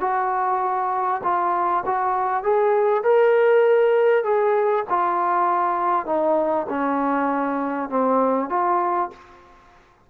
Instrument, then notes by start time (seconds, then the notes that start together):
trombone
0.00 F#4
1.23 F4
1.86 F#4
2.44 G#4
3.03 A#4
4.24 G#4
4.89 F4
6.06 D#4
6.69 C#4
7.90 C4
8.50 F4